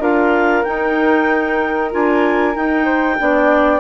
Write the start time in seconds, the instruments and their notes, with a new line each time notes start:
0.00 bassoon D4, clarinet F4 F5, flute A#4
0.64 clarinet D#4 G5, bassoon D#4
1.91 bassoon D4, clarinet F4 G#5
2.55 clarinet D#4 G5, bassoon D#4
2.85 flute C5
3.18 bassoon B3, clarinet D4, flute D5